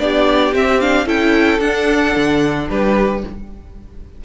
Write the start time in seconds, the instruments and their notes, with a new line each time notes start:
0.00 cello B3, viola D4, violin G4 D5
0.53 cello C4, viola C4, violin E5
0.81 viola D4, violin F5
1.06 cello C#4, viola E4, violin A4 G5
1.60 cello D4, viola D4, violin F#5
2.17 cello D3
2.70 cello G3, violin G4 B4